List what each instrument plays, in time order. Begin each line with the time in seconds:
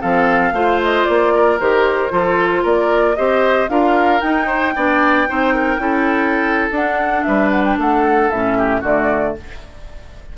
0.00 bassoon F3, clarinet C4, oboe A4, flute F5
0.51 bassoon A3, clarinet F4, oboe C5
0.83 flute D#5
1.05 bassoon A#3, flute D5
1.34 oboe A#4
1.59 bassoon D#3, clarinet G4, flute C5
2.10 bassoon F3, clarinet F4, oboe A4
2.62 bassoon A#3, oboe A#4, flute D5
3.16 bassoon C4, clarinet G4, oboe C5, flute D#5
3.69 bassoon D4, clarinet F4, oboe A#4, flute F5
4.20 clarinet D#4, bassoon D#4, flute G5
4.46 oboe C5
4.75 bassoon B3, clarinet D4, oboe D5
5.27 bassoon C4, clarinet D#4, oboe C5
5.54 oboe A#4
5.78 bassoon C#4, clarinet E4, oboe A4
6.71 bassoon D4, clarinet D4, flute F#5
7.23 bassoon G3, oboe B4, flute E5
7.50 flute F#5
7.63 flute G5
7.77 bassoon A3, oboe A4, flute F#5
8.30 bassoon A2, clarinet C#4, flute E5
8.58 oboe G4
8.80 bassoon D3, clarinet A3, oboe F#4, flute D5